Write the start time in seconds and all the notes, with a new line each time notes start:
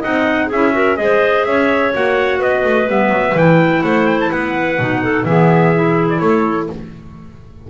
0.00 C4 D#4 D#5 F#5
0.47 C#4 G#4 E5
0.54 E4
0.72 F#4 A#4
0.97 G#3 G#4 C5 D#5
1.44 C#4 C#5 E5
1.94 A#3 F#4 F#5
2.39 B3 B4 D#5
2.64 A3
2.87 G3 B3 E5
3.10 F#3
3.35 E3 E4 G5
3.83 A3 C5 F#5
4.07 G5
4.21 A5
4.31 B3 B4 F#5
4.79 B2 D#4
5.03 A4
5.25 E3 B3 G#4 E5
5.75 E4
6.10 D5
6.20 A3 A4 C#5